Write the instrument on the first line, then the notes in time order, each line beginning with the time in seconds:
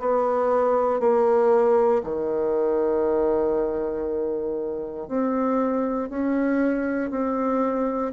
bassoon
0.00 B3
1.00 A#3
2.04 D#3
5.08 C4
6.10 C#4
7.10 C4